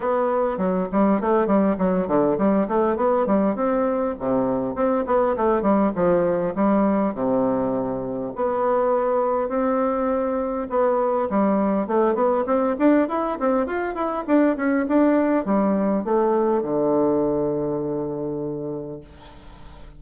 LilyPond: \new Staff \with { instrumentName = "bassoon" } { \time 4/4 \tempo 4 = 101 b4 fis8 g8 a8 g8 fis8 d8 | g8 a8 b8 g8 c'4 c4 | c'8 b8 a8 g8 f4 g4 | c2 b2 |
c'2 b4 g4 | a8 b8 c'8 d'8 e'8 c'8 f'8 e'8 | d'8 cis'8 d'4 g4 a4 | d1 | }